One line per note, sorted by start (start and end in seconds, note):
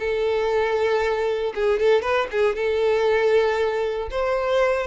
0.00 1.54 A4
1.55 1.80 G#4
1.80 2.02 A4
2.02 2.28 B4
2.32 2.56 G#4
2.56 4.10 A4
4.11 4.87 C5